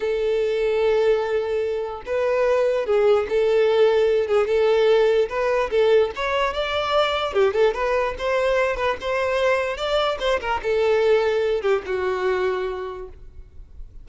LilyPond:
\new Staff \with { instrumentName = "violin" } { \time 4/4 \tempo 4 = 147 a'1~ | a'4 b'2 gis'4 | a'2~ a'8 gis'8 a'4~ | a'4 b'4 a'4 cis''4 |
d''2 g'8 a'8 b'4 | c''4. b'8 c''2 | d''4 c''8 ais'8 a'2~ | a'8 g'8 fis'2. | }